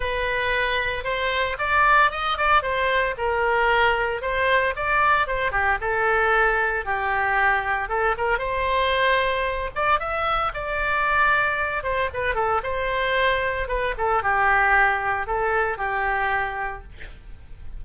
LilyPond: \new Staff \with { instrumentName = "oboe" } { \time 4/4 \tempo 4 = 114 b'2 c''4 d''4 | dis''8 d''8 c''4 ais'2 | c''4 d''4 c''8 g'8 a'4~ | a'4 g'2 a'8 ais'8 |
c''2~ c''8 d''8 e''4 | d''2~ d''8 c''8 b'8 a'8 | c''2 b'8 a'8 g'4~ | g'4 a'4 g'2 | }